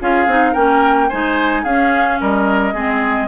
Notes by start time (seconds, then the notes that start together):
0.00 C#4 F4 G#4 F5
0.26 C4 D#4
0.52 A#3 C#4 A#4 G5
1.09 G#3 D#4 C5 G#5
1.63 C#4 G#4 F5
2.21 G3 A#4 D#5
2.74 G#3 C4 G#4